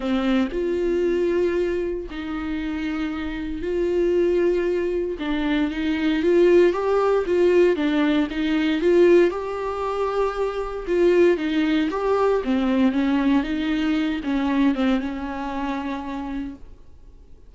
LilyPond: \new Staff \with { instrumentName = "viola" } { \time 4/4 \tempo 4 = 116 c'4 f'2. | dis'2. f'4~ | f'2 d'4 dis'4 | f'4 g'4 f'4 d'4 |
dis'4 f'4 g'2~ | g'4 f'4 dis'4 g'4 | c'4 cis'4 dis'4. cis'8~ | cis'8 c'8 cis'2. | }